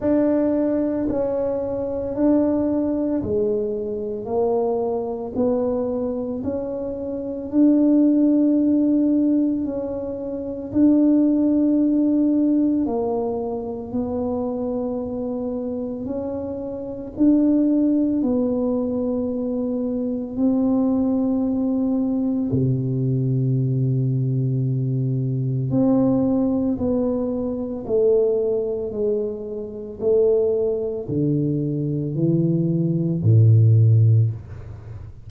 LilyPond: \new Staff \with { instrumentName = "tuba" } { \time 4/4 \tempo 4 = 56 d'4 cis'4 d'4 gis4 | ais4 b4 cis'4 d'4~ | d'4 cis'4 d'2 | ais4 b2 cis'4 |
d'4 b2 c'4~ | c'4 c2. | c'4 b4 a4 gis4 | a4 d4 e4 a,4 | }